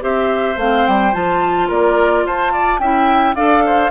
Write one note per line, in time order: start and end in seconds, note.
0.00 0.57 C4
0.00 0.56 G4
0.00 1.68 C5
0.00 0.58 E5
0.57 0.84 A3
0.57 1.12 C4
0.57 0.86 F5
0.86 1.14 G3
0.86 1.14 G5
1.12 1.70 F3
1.12 2.79 F4
1.12 1.69 A5
1.68 2.24 A#3
1.68 2.24 A#4
1.68 2.26 D5
2.24 2.79 F4
2.24 2.52 C5
2.24 2.79 A5
2.52 2.80 D5
2.79 3.35 C#4
2.79 3.36 E4
2.79 3.36 E5
2.79 3.35 G5
3.35 3.91 D4
3.35 3.91 A4
3.35 3.63 D5
3.35 3.91 F5
3.66 3.91 C5